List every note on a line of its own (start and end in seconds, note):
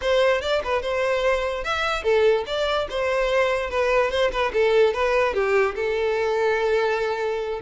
0.01 0.41 C5
0.41 0.61 D5
0.64 0.81 B4
0.81 1.63 C5
1.63 2.03 E5
2.03 2.44 A4
2.46 2.87 D5
2.90 3.69 C5
3.69 4.10 B4
4.10 4.31 C5
4.31 4.52 B4
4.53 4.93 A4
4.93 5.33 B4
5.33 5.75 G4
5.75 7.60 A4